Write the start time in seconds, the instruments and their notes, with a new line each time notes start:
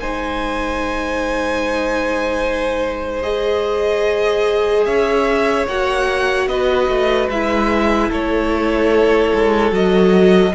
0.00 cello G#3, viola D#4, violin C5 G#5
3.22 viola G#4, violin D#5
4.85 cello C#4, violin C#5 E5
5.67 cello A#3, viola F#4, violin F#5
6.47 cello B3, violin B4 D#5
6.88 cello A3
7.29 cello G#3, viola E4, violin E5
8.09 cello A3, violin A4 C#5
9.34 cello G#3
9.71 cello F#3, viola F#4, violin D#5